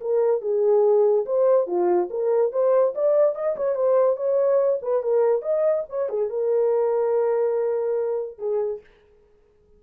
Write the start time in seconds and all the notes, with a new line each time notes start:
0.00 A#4
0.41 G#4
1.25 C5
1.67 F4
2.10 A#4
2.52 C5
2.94 D5
3.35 D#5
3.56 C#5
3.75 C5
4.16 C#5
4.82 B4
5.02 A#4
5.42 D#5
5.89 C#5
6.09 G#4
6.29 A#4
8.38 G#4